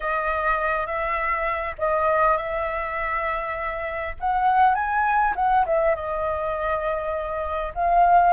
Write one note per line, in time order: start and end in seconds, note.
0.00 0.86 D#5
0.86 1.75 E5
1.78 2.37 D#5
2.37 4.15 E5
4.19 4.74 F#5
4.74 5.34 G#5
5.35 5.65 F#5
5.66 5.95 E5
5.95 7.73 D#5
7.74 8.32 F5